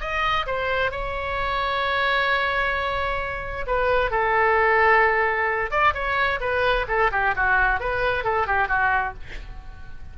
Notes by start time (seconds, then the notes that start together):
0.00 D#5
0.46 C5
0.91 C#5
3.66 B4
4.11 A4
5.70 D5
5.94 C#5
6.40 B4
6.88 A4
7.12 G4
7.35 F#4
7.80 B4
8.24 A4
8.47 G4
8.68 F#4